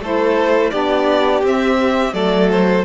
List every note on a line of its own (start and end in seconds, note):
0.00 0.71 A3
0.00 0.73 E4
0.00 0.72 A4
0.00 0.71 C5
0.71 1.43 B3
0.71 1.43 D4
0.71 2.14 G4
0.71 1.42 D5
1.43 2.13 C4
1.43 2.11 C4
1.43 2.14 E5
2.11 2.85 F#3
2.11 2.83 A3
2.11 2.85 A4
2.11 2.50 D5
2.51 2.85 C5